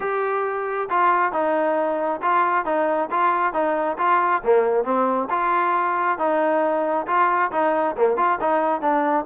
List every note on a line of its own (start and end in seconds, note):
0.00 0.88 G4
0.89 1.32 F4
1.32 2.20 D#4
2.22 2.65 F4
2.65 3.09 D#4
3.10 3.53 F4
3.53 3.97 D#4
3.98 4.42 F4
4.44 4.84 A#3
4.84 5.28 C4
5.30 6.18 F4
6.18 7.06 D#4
7.06 7.51 F4
7.51 7.95 D#4
7.96 8.16 A#3
8.16 8.38 F4
8.40 8.81 D#4
8.81 9.25 D4